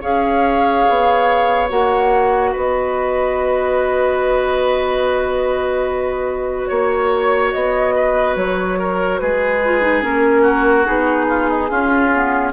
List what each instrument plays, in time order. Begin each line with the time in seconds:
0.00 bassoon C#4, clarinet G#4, oboe C#5, flute F5
0.88 bassoon B3
1.69 bassoon A#3, clarinet F#4, flute F#5
2.52 bassoon B3, oboe B4, flute D#5
6.66 bassoon A#3, flute C#5, oboe C#5
7.52 bassoon B3, flute D#5
7.95 oboe B4
8.35 bassoon F#3, flute C#5
8.78 oboe A#4
9.19 bassoon G#3, oboe G#4, flute B4
9.64 clarinet F4
9.81 clarinet D#4
10.01 bassoon A#3, clarinet C#4, flute A#4
10.41 oboe F#4
10.85 bassoon B3, clarinet D#4, flute G#4
11.29 oboe F4
11.49 oboe D#4
11.69 bassoon C#4, clarinet C#4, oboe F4
12.12 clarinet B3